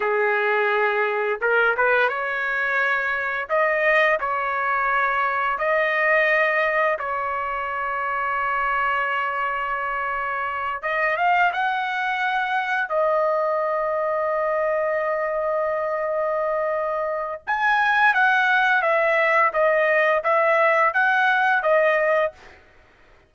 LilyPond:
\new Staff \with { instrumentName = "trumpet" } { \time 4/4 \tempo 4 = 86 gis'2 ais'8 b'8 cis''4~ | cis''4 dis''4 cis''2 | dis''2 cis''2~ | cis''2.~ cis''8 dis''8 |
f''8 fis''2 dis''4.~ | dis''1~ | dis''4 gis''4 fis''4 e''4 | dis''4 e''4 fis''4 dis''4 | }